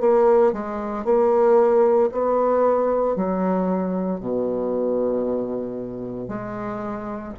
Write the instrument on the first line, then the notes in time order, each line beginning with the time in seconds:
bassoon
0.00 A#3
0.53 G#3
1.05 A#3
2.12 B3
3.16 F#3
4.20 B2
6.28 G#3